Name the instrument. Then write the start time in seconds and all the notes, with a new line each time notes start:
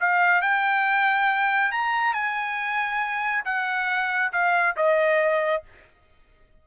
trumpet
0.00 F5
0.42 G5
1.72 A#5
2.14 G#5
3.45 F#5
4.33 F5
4.76 D#5